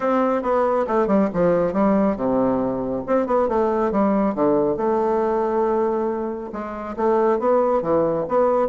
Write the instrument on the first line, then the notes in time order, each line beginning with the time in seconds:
bassoon
0.00 C4
0.42 B3
0.87 A3
1.07 G3
1.33 F3
1.73 G3
2.16 C3
3.06 C4
3.26 B3
3.48 A3
3.91 G3
4.34 D3
4.76 A3
6.52 G#3
6.96 A3
7.39 B3
7.82 E3
8.28 B3